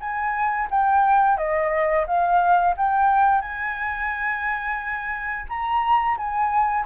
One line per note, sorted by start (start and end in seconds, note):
0.00 0.68 G#5
0.70 1.37 G5
1.37 2.05 D#5
2.07 2.75 F5
2.77 3.41 G5
3.41 5.46 G#5
5.49 6.17 A#5
6.17 6.85 G#5